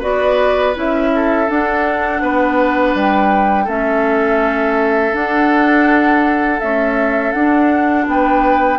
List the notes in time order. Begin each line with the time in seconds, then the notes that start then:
0.00 B3 F#4 B4 D5
0.75 C#4 E4 E5
1.16 A4
1.48 D4 F#5
2.22 B3 B4
2.95 G3 G5
3.65 A3 C#4 A4 E5
5.13 D4 F#5
6.60 A3 C#4 E5
7.33 D4 F#5
8.07 B3 B4 G5